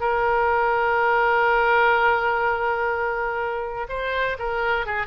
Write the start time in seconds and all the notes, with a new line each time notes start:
0.00 A#4
3.89 C5
4.39 A#4
4.86 G#4